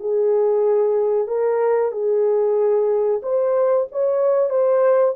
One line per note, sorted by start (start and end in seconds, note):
0.00 1.28 G#4
1.28 1.92 A#4
1.92 3.21 G#4
3.23 3.87 C5
3.92 4.50 C#5
4.50 5.15 C5